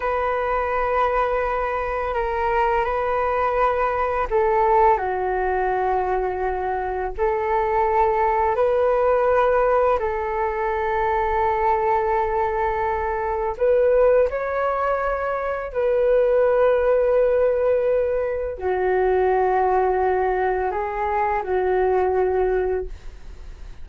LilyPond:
\new Staff \with { instrumentName = "flute" } { \time 4/4 \tempo 4 = 84 b'2. ais'4 | b'2 a'4 fis'4~ | fis'2 a'2 | b'2 a'2~ |
a'2. b'4 | cis''2 b'2~ | b'2 fis'2~ | fis'4 gis'4 fis'2 | }